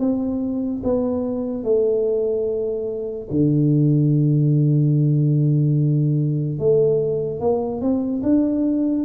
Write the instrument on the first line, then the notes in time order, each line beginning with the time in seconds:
tuba
0.00 C4
0.84 B3
1.64 A3
3.31 D3
6.59 A3
7.40 A#3
7.82 C4
8.23 D4